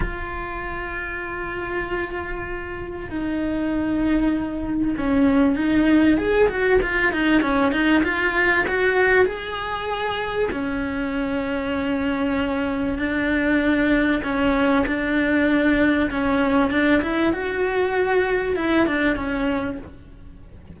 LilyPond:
\new Staff \with { instrumentName = "cello" } { \time 4/4 \tempo 4 = 97 f'1~ | f'4 dis'2. | cis'4 dis'4 gis'8 fis'8 f'8 dis'8 | cis'8 dis'8 f'4 fis'4 gis'4~ |
gis'4 cis'2.~ | cis'4 d'2 cis'4 | d'2 cis'4 d'8 e'8 | fis'2 e'8 d'8 cis'4 | }